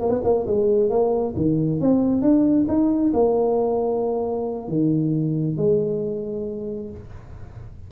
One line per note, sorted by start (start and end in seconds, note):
0.00 0.10 A#3
0.10 0.21 B3
0.24 0.46 A#3
0.47 0.90 G#3
0.90 1.34 A#3
1.36 1.80 D#3
1.80 2.22 C4
2.22 2.66 D4
2.68 3.12 D#4
3.13 4.68 A#3
4.68 5.57 D#3
5.57 6.90 G#3